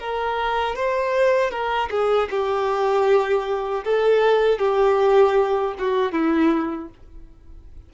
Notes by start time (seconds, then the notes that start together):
0.00 A#4
0.76 C5
1.51 A#4
1.91 G#4
2.31 G4
3.85 A4
4.59 G4
5.79 F#4
6.13 E4